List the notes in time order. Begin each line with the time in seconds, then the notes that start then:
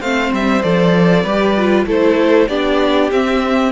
0.00 A3 C4 C5 F5
0.32 G3 E5
0.63 F3 A4 D5
1.24 G3 G4 B4
1.57 F4
1.86 A3 E4 A4 C5
2.49 B3 D4 G4 D5
3.11 C4 E5